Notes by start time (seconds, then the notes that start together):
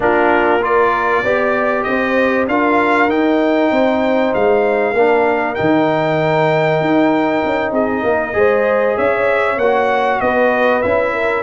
0.00 A#3 D4 F4 A#4
0.61 F4 A#4 D5
1.23 B3 G4 D5
1.83 C4 C5 D#5
2.47 D4 F4 A#4 F5
3.08 D#4 G5
3.71 C4 C5
4.34 G#3 F5
4.93 A#3 D4 A#4
5.55 D#3 D#4 G5
6.80 D#4
7.45 C#4
7.71 C4 G#4 D#5
8.02 A#3 A#4
8.33 G#3 G#4 C5
8.96 C#4 C#5 E5
9.57 A#3 F#4 F#5
10.20 B3 B4 D#5
10.82 C#4 E4 E5
11.13 A#4